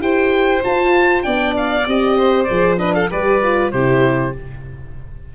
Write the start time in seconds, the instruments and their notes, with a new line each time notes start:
0.00 tuba E4, horn G4, violin C5, oboe G5
0.64 horn F4, tuba F4, oboe A5
1.23 tuba B3, horn D4, violin D5, oboe G5
1.57 oboe F5
1.86 tuba C4, horn G4, oboe D#5
2.18 violin C5
2.44 horn G#4, oboe D5
2.51 tuba F3
2.78 horn D4, violin B4, oboe D#5
2.94 violin A4, oboe F5
3.10 tuba G3, horn G4, violin B4, oboe D5
3.43 horn F4
3.72 tuba C3, horn E4, violin G4, oboe C5